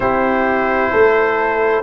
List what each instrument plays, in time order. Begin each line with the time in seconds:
0.00 tuba C4, trombone E4, horn G4, trumpet C5
0.91 tuba A3, horn A4